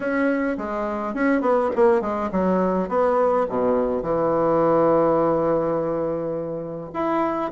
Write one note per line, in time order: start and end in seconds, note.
0.00 0.57 C#4
0.57 1.14 G#3
1.14 1.41 C#4
1.41 1.69 B3
1.75 2.01 A#3
2.01 2.29 G#3
2.31 2.88 F#3
2.88 3.46 B3
3.48 4.02 B2
4.02 6.90 E3
6.93 7.51 E4